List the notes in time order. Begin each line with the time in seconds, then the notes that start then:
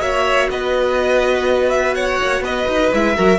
0.00 A#3 F#4 C#5 E5
0.51 B3 B4 D#5
1.70 E5
1.95 C#5 F#5
2.22 A#3
2.41 B3 B4 D#5
2.68 D#4
2.92 G#3 E4 E5
3.15 F#3 F#4 A#4